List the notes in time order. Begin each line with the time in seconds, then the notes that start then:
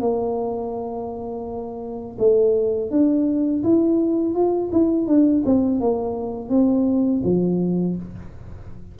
0.00 A#3
2.19 A3
2.90 D4
3.63 E4
4.34 F4
4.72 E4
5.07 D4
5.45 C4
5.80 A#3
6.49 C4
7.24 F3